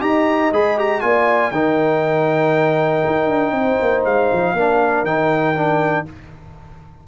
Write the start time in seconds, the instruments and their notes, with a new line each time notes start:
0.00 tuba D#4, trombone G4, horn D#5, trumpet A#5
0.52 tuba G#3, trombone G#4, trumpet B5
0.78 trombone G4, trumpet A#5
1.00 tuba A#3, trombone F4, horn D5, trumpet G#5
1.51 tuba D#3, trombone D#4, horn A#4, trumpet G5
3.06 tuba D#4
3.29 tuba D4
3.51 tuba C4, horn C5
3.81 tuba A#3
4.05 tuba G#3, trumpet F5
4.32 tuba F3
4.53 tuba A#3, trombone D4, horn A#4
5.03 tuba D#3, trombone D#4, trumpet G5
5.55 trombone D4